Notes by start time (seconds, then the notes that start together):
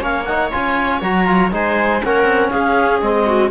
0.00 A#3 C#4 C#5 F5
0.25 D#4 F#5
0.52 C#4 F4 G#5
1.02 F#3 F#4 A#5
1.26 F4
1.52 G#3 D#4 C5 G#5
2.04 A#3 C#4 A#4 F#5
2.24 C4
2.51 C#4 G#4 F5
3.01 G#3 C4 D#5
3.27 F#4